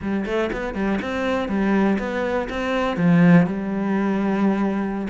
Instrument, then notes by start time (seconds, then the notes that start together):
cello
0.01 G3
0.25 A3
0.52 B3
0.74 G3
1.01 C4
1.48 G3
1.98 B3
2.49 C4
2.96 F3
3.46 G3